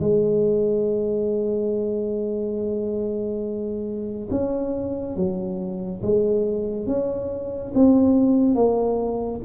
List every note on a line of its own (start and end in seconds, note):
0.00 4.29 G#3
4.31 5.16 C#4
5.16 6.02 F#3
6.02 6.86 G#3
6.86 7.72 C#4
7.75 8.55 C4
8.55 9.41 A#3